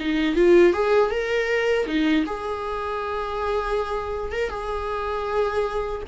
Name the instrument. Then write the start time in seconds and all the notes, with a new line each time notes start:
viola
0.00 D#4
0.36 F4
0.73 G#4
1.11 A#4
1.86 D#4
2.26 G#4
4.33 A#4
4.50 G#4